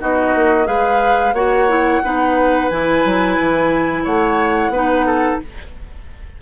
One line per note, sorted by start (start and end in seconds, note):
0.00 0.35 B3
0.00 0.65 D#4
0.00 0.67 F#4
0.00 0.67 D#5
0.35 0.68 A#3
0.65 1.33 G#3
0.65 1.32 G#4
0.65 1.34 B4
0.65 1.34 F5
1.33 2.01 A#3
1.33 1.69 F#4
1.33 2.02 C#5
1.33 2.69 F#5
1.69 2.02 E4
2.04 2.71 B3
2.04 2.71 D#4
2.04 4.04 B4
2.69 3.04 E3
2.69 4.74 E4
2.69 4.04 G#5
3.05 3.39 F#3
3.40 4.06 E3
4.04 4.69 A3
4.04 4.71 C#5
4.04 5.41 F#5
4.69 5.37 B3
4.69 5.42 D#4
4.69 5.06 B4
5.06 5.40 A4